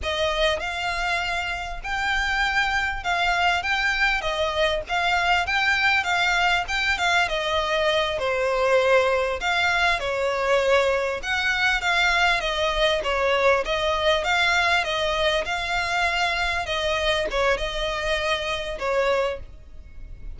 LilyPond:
\new Staff \with { instrumentName = "violin" } { \time 4/4 \tempo 4 = 99 dis''4 f''2 g''4~ | g''4 f''4 g''4 dis''4 | f''4 g''4 f''4 g''8 f''8 | dis''4. c''2 f''8~ |
f''8 cis''2 fis''4 f''8~ | f''8 dis''4 cis''4 dis''4 f''8~ | f''8 dis''4 f''2 dis''8~ | dis''8 cis''8 dis''2 cis''4 | }